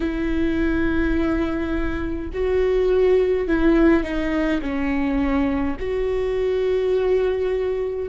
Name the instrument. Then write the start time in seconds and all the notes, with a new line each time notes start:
viola
0.00 E4
2.33 F#4
3.47 E4
4.03 D#4
4.61 C#4
5.79 F#4